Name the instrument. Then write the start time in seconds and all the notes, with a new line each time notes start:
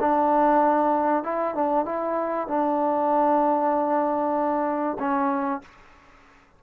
trombone
0.00 D4
1.24 E4
1.55 D4
1.85 E4
2.47 D4
4.99 C#4